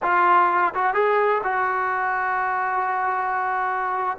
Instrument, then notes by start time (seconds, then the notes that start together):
trombone
0.02 F4
0.74 F#4
0.94 G#4
1.43 F#4